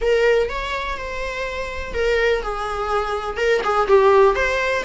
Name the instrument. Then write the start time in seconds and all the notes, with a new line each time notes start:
viola
0.01 A#4
0.49 C#5
0.97 C5
1.94 A#4
2.42 G#4
3.37 A#4
3.63 G#4
3.87 G4
4.35 C5